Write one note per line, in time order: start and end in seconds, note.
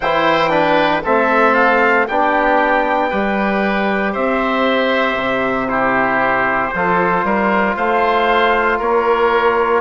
0.00 1.04 E3
0.00 0.49 E4
0.00 0.50 C5
0.00 1.02 G5
0.49 1.01 D4
0.49 1.02 B4
1.03 2.08 A3
1.03 2.08 C4
1.03 2.06 A4
1.03 1.54 E5
1.54 2.06 F5
2.08 3.12 B3
2.08 3.10 D4
2.08 3.09 G4
2.08 4.14 G5
3.09 4.15 G3
3.09 5.68 G4
3.09 4.12 B4
4.12 5.14 C4
4.12 5.67 C5
4.12 5.68 E5
5.14 6.70 C3
5.68 6.71 E4
5.68 6.73 G4
5.68 7.75 C5
6.74 7.23 F3
6.74 9.81 F4
6.74 7.25 A4
7.23 7.75 G3
7.23 7.76 A#4
7.76 8.80 A3
7.76 8.78 C5
7.76 8.79 F5
8.78 9.81 A#3
8.78 9.81 A#4
8.78 9.81 C#5